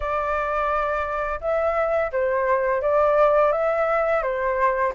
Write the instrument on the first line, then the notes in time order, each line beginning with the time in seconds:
flute
0.00 D5
1.41 E5
2.12 C5
2.81 D5
3.51 E5
4.22 C5